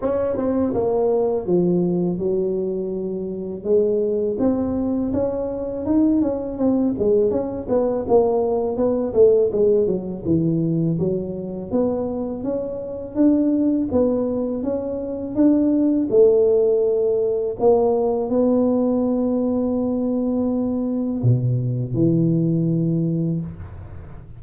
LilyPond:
\new Staff \with { instrumentName = "tuba" } { \time 4/4 \tempo 4 = 82 cis'8 c'8 ais4 f4 fis4~ | fis4 gis4 c'4 cis'4 | dis'8 cis'8 c'8 gis8 cis'8 b8 ais4 | b8 a8 gis8 fis8 e4 fis4 |
b4 cis'4 d'4 b4 | cis'4 d'4 a2 | ais4 b2.~ | b4 b,4 e2 | }